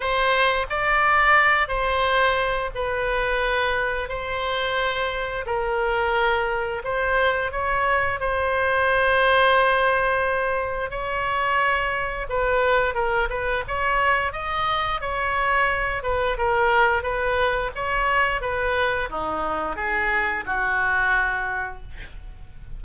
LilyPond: \new Staff \with { instrumentName = "oboe" } { \time 4/4 \tempo 4 = 88 c''4 d''4. c''4. | b'2 c''2 | ais'2 c''4 cis''4 | c''1 |
cis''2 b'4 ais'8 b'8 | cis''4 dis''4 cis''4. b'8 | ais'4 b'4 cis''4 b'4 | dis'4 gis'4 fis'2 | }